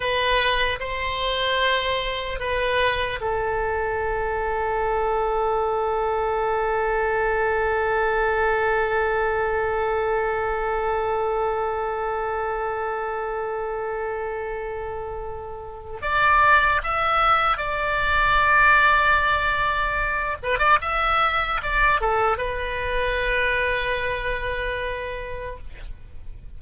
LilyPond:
\new Staff \with { instrumentName = "oboe" } { \time 4/4 \tempo 4 = 75 b'4 c''2 b'4 | a'1~ | a'1~ | a'1~ |
a'1 | d''4 e''4 d''2~ | d''4. b'16 d''16 e''4 d''8 a'8 | b'1 | }